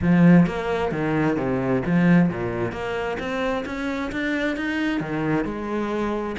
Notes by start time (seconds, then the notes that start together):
0.02 F3
0.46 A#3
0.91 D#3
1.36 C3
1.86 F3
2.29 A#2
2.71 A#3
3.19 C4
3.65 C#4
4.12 D4
4.56 D#4
5.00 D#3
5.44 G#3